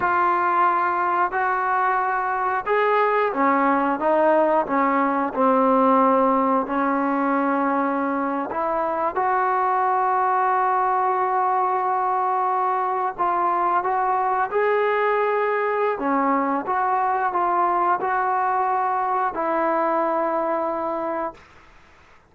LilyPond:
\new Staff \with { instrumentName = "trombone" } { \time 4/4 \tempo 4 = 90 f'2 fis'2 | gis'4 cis'4 dis'4 cis'4 | c'2 cis'2~ | cis'8. e'4 fis'2~ fis'16~ |
fis'2.~ fis'8. f'16~ | f'8. fis'4 gis'2~ gis'16 | cis'4 fis'4 f'4 fis'4~ | fis'4 e'2. | }